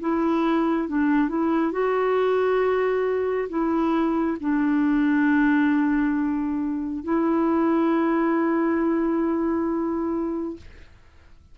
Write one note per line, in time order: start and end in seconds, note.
0.00 0.88 E4
0.88 1.28 D4
1.28 1.72 E4
1.72 3.48 F#4
3.49 4.37 E4
4.40 7.04 D4
7.04 10.57 E4